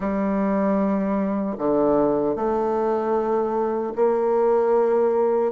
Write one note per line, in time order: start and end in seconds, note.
0.00 1.56 G3
1.58 2.35 D3
2.35 3.93 A3
3.95 5.52 A#3